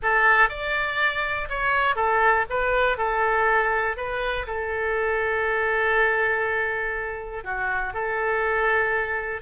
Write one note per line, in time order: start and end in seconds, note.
0.02 0.49 A4
0.49 1.48 D5
1.49 1.95 C#5
1.95 2.45 A4
2.49 2.97 B4
2.97 3.96 A4
3.96 4.46 B4
4.47 7.44 A4
7.44 7.93 F#4
7.93 9.41 A4